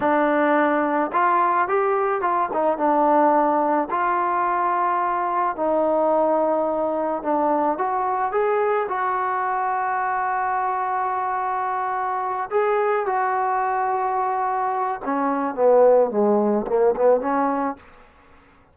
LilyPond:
\new Staff \with { instrumentName = "trombone" } { \time 4/4 \tempo 4 = 108 d'2 f'4 g'4 | f'8 dis'8 d'2 f'4~ | f'2 dis'2~ | dis'4 d'4 fis'4 gis'4 |
fis'1~ | fis'2~ fis'8 gis'4 fis'8~ | fis'2. cis'4 | b4 gis4 ais8 b8 cis'4 | }